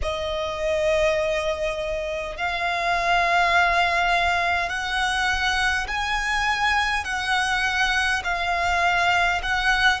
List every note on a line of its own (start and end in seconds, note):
0.02 2.36 D#5
2.36 4.68 F5
4.68 5.86 F#5
5.87 7.04 G#5
7.04 8.22 F#5
8.24 9.41 F5
9.42 10.00 F#5